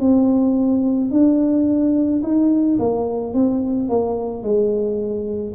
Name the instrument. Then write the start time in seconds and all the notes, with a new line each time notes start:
tuba
0.00 C4
1.11 D4
2.23 D#4
2.79 A#3
3.34 C4
3.89 A#3
4.43 G#3